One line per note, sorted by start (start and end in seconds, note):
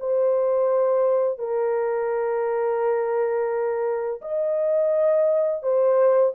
0.00 1.39 C5
1.39 4.21 A#4
4.21 5.62 D#5
5.63 6.33 C5